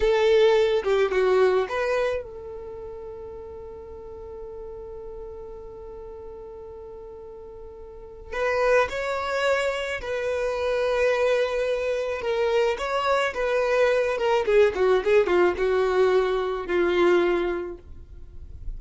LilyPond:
\new Staff \with { instrumentName = "violin" } { \time 4/4 \tempo 4 = 108 a'4. g'8 fis'4 b'4 | a'1~ | a'1~ | a'2. b'4 |
cis''2 b'2~ | b'2 ais'4 cis''4 | b'4. ais'8 gis'8 fis'8 gis'8 f'8 | fis'2 f'2 | }